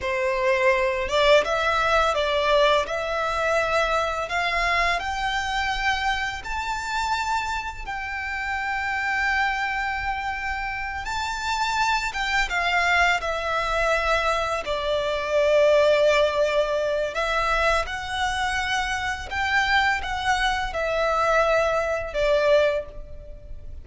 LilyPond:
\new Staff \with { instrumentName = "violin" } { \time 4/4 \tempo 4 = 84 c''4. d''8 e''4 d''4 | e''2 f''4 g''4~ | g''4 a''2 g''4~ | g''2.~ g''8 a''8~ |
a''4 g''8 f''4 e''4.~ | e''8 d''2.~ d''8 | e''4 fis''2 g''4 | fis''4 e''2 d''4 | }